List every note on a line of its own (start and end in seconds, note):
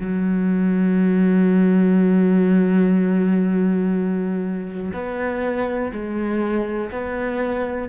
0.00 4.92 F#3
4.94 5.92 B3
5.92 6.91 G#3
6.92 7.89 B3